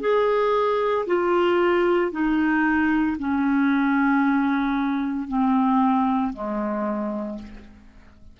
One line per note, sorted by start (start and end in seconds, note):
0.00 1.05 G#4
1.07 2.11 F4
2.11 3.17 D#4
3.19 5.28 C#4
5.28 6.33 C4
6.33 7.39 G#3